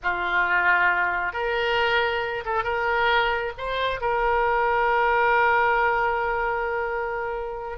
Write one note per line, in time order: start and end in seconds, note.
0.02 1.33 F4
1.33 2.44 A#4
2.45 2.63 A4
2.63 3.52 A#4
3.57 4.00 C5
4.00 7.78 A#4